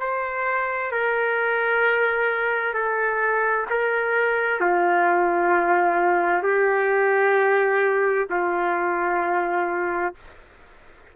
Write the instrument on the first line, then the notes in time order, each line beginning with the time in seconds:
trumpet
0.00 C5
0.92 A#4
2.74 A4
3.70 A#4
4.61 F4
6.43 G4
8.30 F4